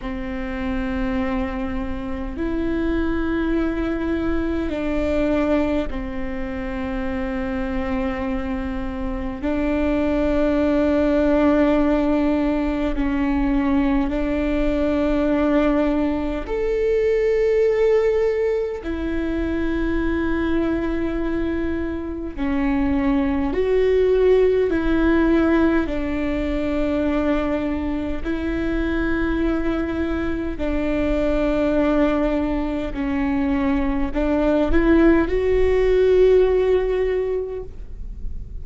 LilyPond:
\new Staff \with { instrumentName = "viola" } { \time 4/4 \tempo 4 = 51 c'2 e'2 | d'4 c'2. | d'2. cis'4 | d'2 a'2 |
e'2. cis'4 | fis'4 e'4 d'2 | e'2 d'2 | cis'4 d'8 e'8 fis'2 | }